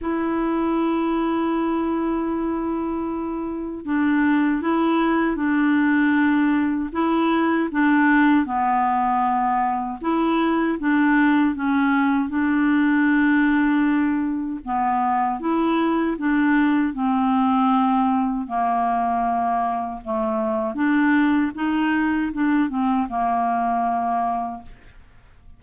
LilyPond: \new Staff \with { instrumentName = "clarinet" } { \time 4/4 \tempo 4 = 78 e'1~ | e'4 d'4 e'4 d'4~ | d'4 e'4 d'4 b4~ | b4 e'4 d'4 cis'4 |
d'2. b4 | e'4 d'4 c'2 | ais2 a4 d'4 | dis'4 d'8 c'8 ais2 | }